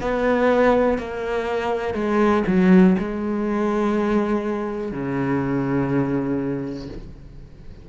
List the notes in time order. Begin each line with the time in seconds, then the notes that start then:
0.00 B3
0.98 A#3
1.94 G#3
2.47 F#3
2.98 G#3
4.91 C#3